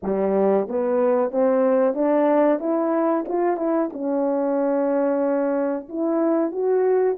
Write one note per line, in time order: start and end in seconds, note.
0.02 0.68 G3
0.68 1.31 B3
1.31 1.94 C4
1.94 2.59 D4
2.59 3.25 E4
3.28 3.57 F4
3.57 3.89 E4
3.92 5.88 C#4
5.89 6.51 E4
6.51 7.17 F#4